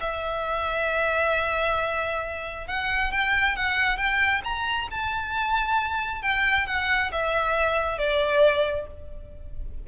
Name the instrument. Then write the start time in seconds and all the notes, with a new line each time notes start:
violin
0.00 E5
2.67 F#5
3.11 G5
3.56 F#5
3.97 G5
4.44 A#5
4.90 A5
6.22 G5
6.66 F#5
7.12 E5
7.98 D5